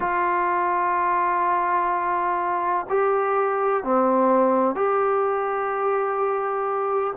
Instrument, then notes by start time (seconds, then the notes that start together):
trombone
0.00 F4
2.89 G4
3.83 C4
4.75 G4